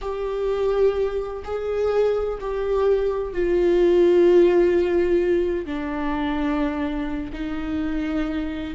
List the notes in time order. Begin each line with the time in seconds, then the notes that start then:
0.01 G4
1.44 G#4
2.40 G4
3.32 F4
5.65 D4
7.32 D#4